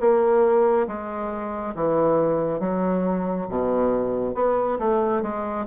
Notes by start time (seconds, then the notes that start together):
0.00 A#3
0.87 G#3
1.75 E3
2.60 F#3
3.49 B2
4.34 B3
4.79 A3
5.22 G#3